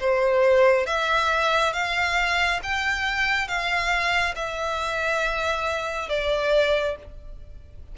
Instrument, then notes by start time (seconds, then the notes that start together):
violin
0.00 C5
0.86 E5
1.73 F5
2.63 G5
3.48 F5
4.35 E5
6.09 D5